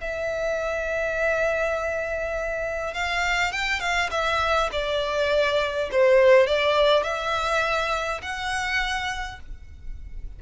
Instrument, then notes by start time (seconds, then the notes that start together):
violin
0.00 E5
2.93 F5
3.52 G5
3.80 F5
4.10 E5
4.72 D5
5.91 C5
6.47 D5
7.03 E5
8.22 F#5